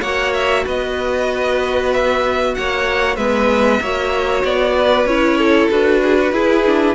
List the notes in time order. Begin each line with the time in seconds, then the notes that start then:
0.00 A#3 F#4 C#5 F#5
0.33 E5
0.65 B3 B4 D#5
1.93 E5
2.54 A#3 C#5 F#5
3.16 G#3 B3 B4 E5
3.80 A#3 F#4 C#5
4.44 B3 D5
4.77 B4
5.05 C#4 E4 C#5
5.38 A4
5.70 D4 F#4 B4
6.02 G#4
6.19 F#4
6.32 E4 G#4
6.66 D4